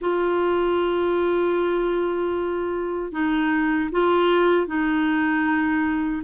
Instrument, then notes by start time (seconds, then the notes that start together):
clarinet
0.01 F4
3.12 D#4
3.91 F4
4.66 D#4